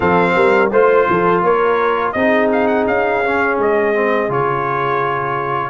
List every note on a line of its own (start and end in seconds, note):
0.00 0.35 F3
0.00 0.70 C4
0.00 0.33 A4
0.00 0.71 F5
0.36 0.71 G3
0.36 0.71 A#4
0.71 1.07 A3
0.71 2.16 F4
0.71 1.07 C5
0.71 1.43 C5
1.09 1.42 F3
1.09 1.43 A4
1.42 2.13 A#3
1.42 2.14 A#4
1.42 2.11 C#5
2.11 2.86 C4
2.11 3.24 D#4
2.11 5.69 G#4
2.11 2.47 D#5
2.52 2.67 F5
2.67 2.85 F#5
2.87 3.58 C#4
2.87 3.58 F5
3.24 3.94 C#4
3.58 4.29 G#3
3.58 4.31 D#5
3.94 4.28 C4
4.28 5.69 C#3
4.28 5.69 F4
4.28 5.69 C#5